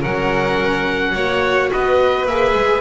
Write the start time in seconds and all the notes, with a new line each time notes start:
0.00 F#3 C#4 A#4 F#5
1.14 A#3 F#4 C#5
1.72 B3 B4 D#5
2.26 A#3 G#4 E5
2.54 G#3